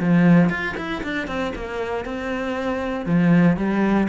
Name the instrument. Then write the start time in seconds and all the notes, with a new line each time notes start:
cello
0.00 F3
0.50 F4
0.77 E4
1.04 D4
1.28 C4
1.56 A#3
2.05 C4
3.06 F3
3.57 G3